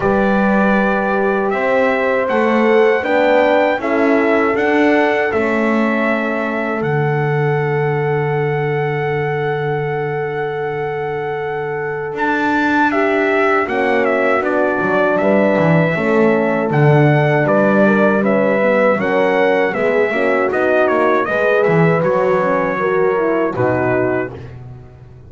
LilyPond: <<
  \new Staff \with { instrumentName = "trumpet" } { \time 4/4 \tempo 4 = 79 d''2 e''4 fis''4 | g''4 e''4 fis''4 e''4~ | e''4 fis''2.~ | fis''1 |
a''4 e''4 fis''8 e''8 d''4 | e''2 fis''4 d''4 | e''4 fis''4 e''4 dis''8 cis''8 | dis''8 e''8 cis''2 b'4 | }
  \new Staff \with { instrumentName = "horn" } { \time 4/4 b'2 c''2 | b'4 a'2.~ | a'1~ | a'1~ |
a'4 g'4 fis'2 | b'4 a'2 b'8 ais'8 | b'4 ais'4 gis'8 fis'4. | b'2 ais'4 fis'4 | }
  \new Staff \with { instrumentName = "horn" } { \time 4/4 g'2. a'4 | d'4 e'4 d'4 cis'4~ | cis'4 d'2.~ | d'1~ |
d'2 cis'4 d'4~ | d'4 cis'4 d'2 | cis'8 b8 cis'4 b8 cis'8 dis'4 | gis'4 fis'8 cis'8 fis'8 e'8 dis'4 | }
  \new Staff \with { instrumentName = "double bass" } { \time 4/4 g2 c'4 a4 | b4 cis'4 d'4 a4~ | a4 d2.~ | d1 |
d'2 ais4 b8 fis8 | g8 e8 a4 d4 g4~ | g4 fis4 gis8 ais8 b8 ais8 | gis8 e8 fis2 b,4 | }
>>